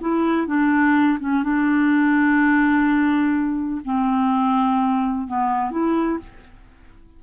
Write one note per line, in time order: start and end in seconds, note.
0.00 0.47 E4
0.47 1.18 D4
1.19 1.43 C#4
1.43 3.81 D4
3.84 5.27 C4
5.27 5.71 B3
5.71 6.18 E4